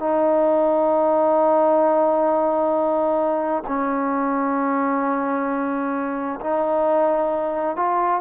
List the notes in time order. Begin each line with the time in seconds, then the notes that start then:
0.00 D#4
3.68 C#4
6.41 D#4
7.77 F4